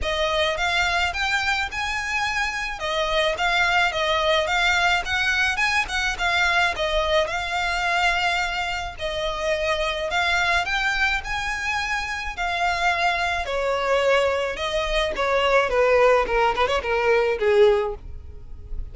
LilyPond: \new Staff \with { instrumentName = "violin" } { \time 4/4 \tempo 4 = 107 dis''4 f''4 g''4 gis''4~ | gis''4 dis''4 f''4 dis''4 | f''4 fis''4 gis''8 fis''8 f''4 | dis''4 f''2. |
dis''2 f''4 g''4 | gis''2 f''2 | cis''2 dis''4 cis''4 | b'4 ais'8 b'16 cis''16 ais'4 gis'4 | }